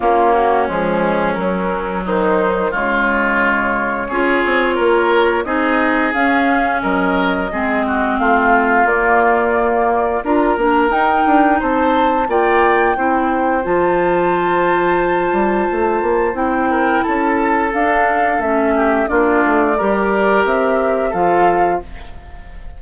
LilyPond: <<
  \new Staff \with { instrumentName = "flute" } { \time 4/4 \tempo 4 = 88 f'8 fis'8 gis'4 ais'4 c''4 | cis''1 | dis''4 f''4 dis''2 | f''4 d''2 ais''4 |
g''4 a''4 g''2 | a''1 | g''4 a''4 f''4 e''4 | d''2 e''4 f''4 | }
  \new Staff \with { instrumentName = "oboe" } { \time 4/4 cis'2. dis'4 | f'2 gis'4 ais'4 | gis'2 ais'4 gis'8 fis'8 | f'2. ais'4~ |
ais'4 c''4 d''4 c''4~ | c''1~ | c''8 ais'8 a'2~ a'8 g'8 | f'4 ais'2 a'4 | }
  \new Staff \with { instrumentName = "clarinet" } { \time 4/4 ais4 gis4 fis2 | gis2 f'2 | dis'4 cis'2 c'4~ | c'4 ais2 f'8 d'8 |
dis'2 f'4 e'4 | f'1 | e'2 d'4 cis'4 | d'4 g'2 f'4 | }
  \new Staff \with { instrumentName = "bassoon" } { \time 4/4 ais4 f4 fis4 dis4 | cis2 cis'8 c'8 ais4 | c'4 cis'4 fis4 gis4 | a4 ais2 d'8 ais8 |
dis'8 d'8 c'4 ais4 c'4 | f2~ f8 g8 a8 ais8 | c'4 cis'4 d'4 a4 | ais8 a8 g4 c'4 f4 | }
>>